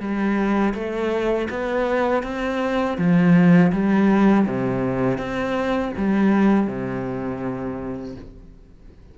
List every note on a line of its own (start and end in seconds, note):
0.00 0.74 G3
0.74 1.48 A3
1.50 2.23 B3
2.23 2.97 C4
2.98 3.72 F3
3.72 4.46 G3
4.46 5.18 C3
5.18 5.92 C4
5.97 6.67 G3
6.67 8.15 C3